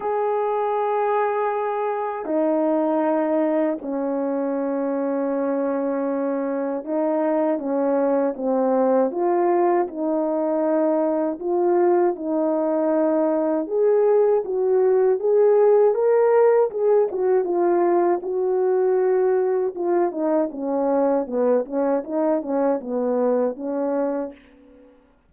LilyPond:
\new Staff \with { instrumentName = "horn" } { \time 4/4 \tempo 4 = 79 gis'2. dis'4~ | dis'4 cis'2.~ | cis'4 dis'4 cis'4 c'4 | f'4 dis'2 f'4 |
dis'2 gis'4 fis'4 | gis'4 ais'4 gis'8 fis'8 f'4 | fis'2 f'8 dis'8 cis'4 | b8 cis'8 dis'8 cis'8 b4 cis'4 | }